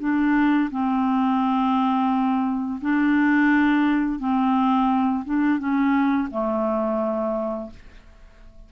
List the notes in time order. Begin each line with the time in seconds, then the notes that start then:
0.00 D4
0.71 C4
2.81 D4
4.19 C4
5.25 D4
5.59 C#4
6.31 A3